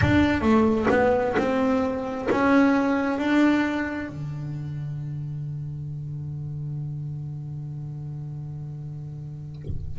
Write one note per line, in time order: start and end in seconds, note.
0.01 0.41 D4
0.41 0.86 A3
0.90 1.35 B3
1.37 2.28 C4
2.30 3.18 C#4
3.18 4.08 D4
4.08 9.99 D3